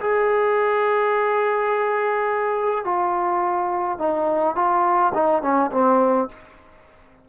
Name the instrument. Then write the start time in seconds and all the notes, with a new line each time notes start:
trombone
0.00 G#4
2.84 F4
3.98 D#4
4.55 F4
5.14 D#4
5.42 C#4
5.71 C4